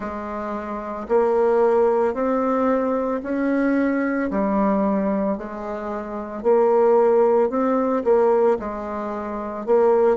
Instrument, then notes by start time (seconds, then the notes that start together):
bassoon
0.00 G#3
1.08 A#3
2.14 C4
3.22 C#4
4.30 G3
5.37 G#3
6.42 A#3
7.49 C4
8.04 A#3
8.59 G#3
9.65 A#3